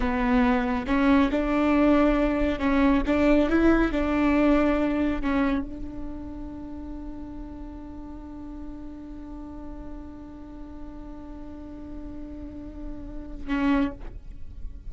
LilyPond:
\new Staff \with { instrumentName = "viola" } { \time 4/4 \tempo 4 = 138 b2 cis'4 d'4~ | d'2 cis'4 d'4 | e'4 d'2. | cis'4 d'2.~ |
d'1~ | d'1~ | d'1~ | d'2. cis'4 | }